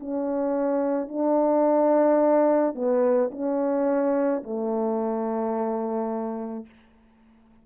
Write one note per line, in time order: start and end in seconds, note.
0.00 1.09 C#4
1.09 2.75 D4
2.75 3.31 B3
3.32 4.43 C#4
4.43 6.66 A3